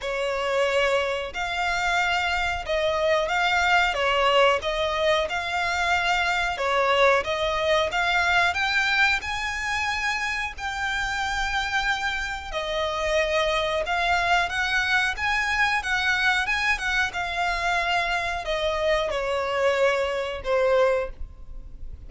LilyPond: \new Staff \with { instrumentName = "violin" } { \time 4/4 \tempo 4 = 91 cis''2 f''2 | dis''4 f''4 cis''4 dis''4 | f''2 cis''4 dis''4 | f''4 g''4 gis''2 |
g''2. dis''4~ | dis''4 f''4 fis''4 gis''4 | fis''4 gis''8 fis''8 f''2 | dis''4 cis''2 c''4 | }